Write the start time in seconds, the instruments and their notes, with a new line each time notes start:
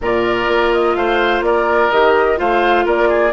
0.01 bassoon A#2, clarinet F4, oboe A#4, flute D5
0.47 bassoon A#3
0.73 flute D#5
0.95 bassoon A3, oboe C5, flute F5
1.41 bassoon A#3, oboe A#4, flute D5
1.90 bassoon D#3, clarinet G4, flute D#5
2.36 bassoon A3, clarinet F4, oboe C5, flute F5
2.85 bassoon A#3, oboe A#4, flute D5
3.08 oboe G#4